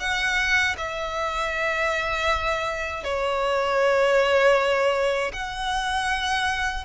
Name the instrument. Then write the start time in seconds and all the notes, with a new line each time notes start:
violin
0.00 F#5
0.77 E5
3.04 C#5
5.33 F#5